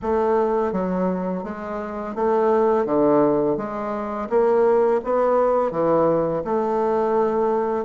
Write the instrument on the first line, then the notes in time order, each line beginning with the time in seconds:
bassoon
0.02 A3
0.72 F#3
1.43 G#3
2.15 A3
2.85 D3
3.57 G#3
4.29 A#3
5.04 B3
5.71 E3
6.44 A3